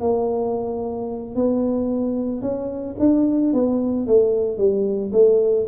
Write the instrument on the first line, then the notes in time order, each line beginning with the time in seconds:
tuba
0.00 A#3
1.35 B3
2.41 C#4
2.99 D4
3.53 B3
4.06 A3
4.57 G3
5.12 A3